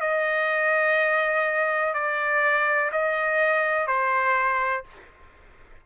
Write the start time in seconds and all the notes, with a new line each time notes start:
0.00 D#5
1.94 D5
2.91 D#5
3.87 C5